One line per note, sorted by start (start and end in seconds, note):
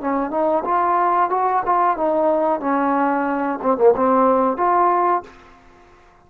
0.00 0.30 C#4
0.30 0.63 D#4
0.64 1.29 F4
1.29 1.62 F#4
1.65 1.97 F4
1.97 2.60 D#4
2.60 3.59 C#4
3.62 3.77 C4
3.77 3.94 A#3
3.95 4.56 C4
4.56 5.22 F4